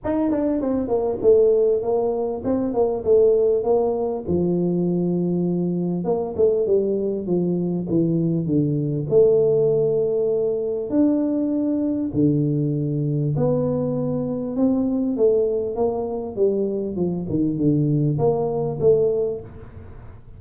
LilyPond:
\new Staff \with { instrumentName = "tuba" } { \time 4/4 \tempo 4 = 99 dis'8 d'8 c'8 ais8 a4 ais4 | c'8 ais8 a4 ais4 f4~ | f2 ais8 a8 g4 | f4 e4 d4 a4~ |
a2 d'2 | d2 b2 | c'4 a4 ais4 g4 | f8 dis8 d4 ais4 a4 | }